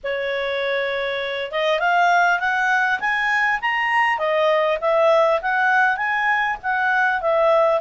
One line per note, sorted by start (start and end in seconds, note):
0.03 1.51 C#5
1.51 1.79 D#5
1.79 2.39 F5
2.39 2.99 F#5
3.00 3.60 G#5
3.61 4.18 A#5
4.18 4.78 D#5
4.81 5.41 E5
5.41 5.96 F#5
5.96 6.56 G#5
6.62 7.21 F#5
7.21 7.80 E5